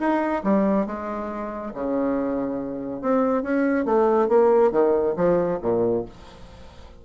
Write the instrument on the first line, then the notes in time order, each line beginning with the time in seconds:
bassoon
0.00 D#4
0.44 G3
0.87 G#3
1.74 C#3
3.02 C4
3.43 C#4
3.85 A3
4.29 A#3
4.72 D#3
5.17 F3
5.62 A#2